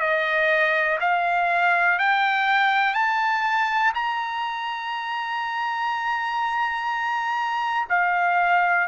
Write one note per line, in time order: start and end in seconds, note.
0.00 0.98 D#5
1.01 1.99 F5
1.99 2.94 G5
2.94 3.93 A5
3.94 7.88 A#5
7.89 8.87 F5